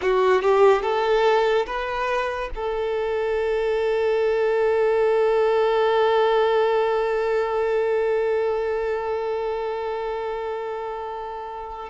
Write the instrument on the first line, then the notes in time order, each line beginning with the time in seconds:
violin
0.01 F#4
0.42 G4
0.82 A4
1.66 B4
2.55 A4